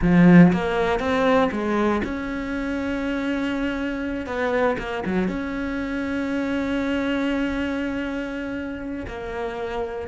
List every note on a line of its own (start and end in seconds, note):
0.01 0.52 F3
0.52 0.99 A#3
0.99 1.50 C4
1.51 2.02 G#3
2.04 4.26 C#4
4.26 4.76 B3
4.78 5.03 A#3
5.05 5.27 F#3
5.27 9.05 C#4
9.07 10.08 A#3